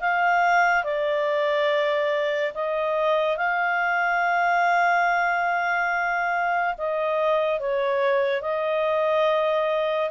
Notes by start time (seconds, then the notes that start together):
0.00 F5
0.84 D5
2.54 D#5
3.37 F5
6.78 D#5
7.59 C#5
8.41 D#5